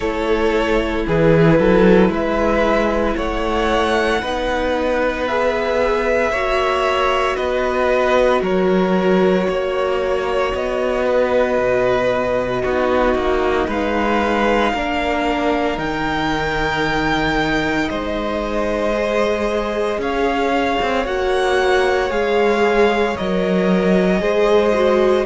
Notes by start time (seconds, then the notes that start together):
0.00 A3 E4 A4 C#5
1.07 E3 G#4 B4
1.59 F#3 A4
2.09 G#3 B4 E5
3.16 A3 C#5 F#5
4.21 B3 D#4 B4
5.27 G#4 E5
6.30 A#3 F#4 C#5
7.36 B3 B4 D#5
8.41 F#3 A#4 C#5
9.48 A#3 C#5
10.54 B3 D#5
11.05 B4
11.58 B2
12.62 B3 D#4 F#4
13.14 A#3
13.67 G#3 B4 F5
14.73 A#3 D4 A#4
15.76 D#3 D#4 G5
17.89 G#3 C5 D#5
18.93 G#4
19.98 C#4 C#5 F5
20.82 C4
21.05 A#3 F#4 F#5
22.09 G#3 G#4 F5
23.16 F#3 A#4 D#5
24.19 G#3 G#4 C5
24.74 F#4